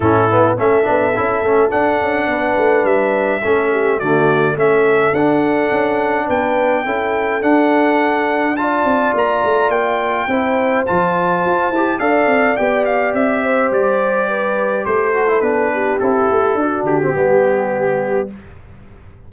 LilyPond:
<<
  \new Staff \with { instrumentName = "trumpet" } { \time 4/4 \tempo 4 = 105 a'4 e''2 fis''4~ | fis''4 e''2 d''4 | e''4 fis''2 g''4~ | g''4 fis''2 a''4 |
ais''4 g''2 a''4~ | a''4 f''4 g''8 f''8 e''4 | d''2 c''4 b'4 | a'4. g'2~ g'8 | }
  \new Staff \with { instrumentName = "horn" } { \time 4/4 e'4 a'2. | b'2 a'8 g'8 fis'4 | a'2. b'4 | a'2. d''4~ |
d''2 c''2~ | c''4 d''2~ d''8 c''8~ | c''4 b'4 a'4. g'8~ | g'4 fis'4 g'2 | }
  \new Staff \with { instrumentName = "trombone" } { \time 4/4 cis'8 b8 cis'8 d'8 e'8 cis'8 d'4~ | d'2 cis'4 a4 | cis'4 d'2. | e'4 d'2 f'4~ |
f'2 e'4 f'4~ | f'8 g'8 a'4 g'2~ | g'2~ g'8 fis'16 e'16 d'4 | e'4 d'8. c'16 b2 | }
  \new Staff \with { instrumentName = "tuba" } { \time 4/4 a,4 a8 b8 cis'8 a8 d'8 cis'8 | b8 a8 g4 a4 d4 | a4 d'4 cis'4 b4 | cis'4 d'2~ d'8 c'8 |
ais8 a8 ais4 c'4 f4 | f'8 e'8 d'8 c'8 b4 c'4 | g2 a4 b4 | c'8 a8 d'8 d8 g2 | }
>>